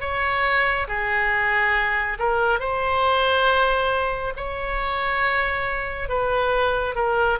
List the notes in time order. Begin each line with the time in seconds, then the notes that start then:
0.00 C#5
0.87 G#4
2.19 A#4
2.60 C5
4.36 C#5
6.09 B4
6.95 A#4